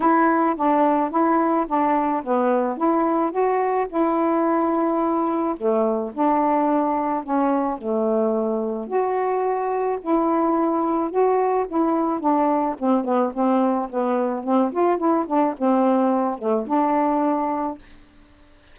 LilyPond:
\new Staff \with { instrumentName = "saxophone" } { \time 4/4 \tempo 4 = 108 e'4 d'4 e'4 d'4 | b4 e'4 fis'4 e'4~ | e'2 a4 d'4~ | d'4 cis'4 a2 |
fis'2 e'2 | fis'4 e'4 d'4 c'8 b8 | c'4 b4 c'8 f'8 e'8 d'8 | c'4. a8 d'2 | }